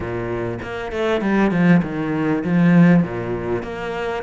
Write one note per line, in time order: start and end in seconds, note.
0.00 0.58 A#2
0.62 0.92 A#3
0.92 1.21 A3
1.21 1.51 G3
1.51 1.81 F3
1.83 2.43 D#3
2.44 3.03 F3
3.03 3.63 A#2
3.63 4.23 A#3